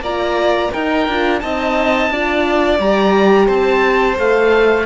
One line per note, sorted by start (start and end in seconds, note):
0.00 0.69 A#3
0.00 0.73 F4
0.00 0.72 D5
0.00 0.73 A#5
0.72 1.08 D#4
0.72 1.09 D#4
0.72 1.41 A#4
0.72 1.40 G5
1.08 1.43 D4
1.08 1.42 F4
1.40 2.10 C4
1.40 2.11 D#4
1.40 2.12 D#5
1.40 2.78 A5
2.10 2.79 D4
2.10 2.81 F4
2.10 3.46 D5
2.79 3.48 G3
2.79 4.17 G4
2.79 3.49 A#5
3.46 4.18 C4
3.46 4.84 C5
3.46 4.18 A5
4.17 4.86 A3
4.17 4.86 A4
4.17 4.86 F5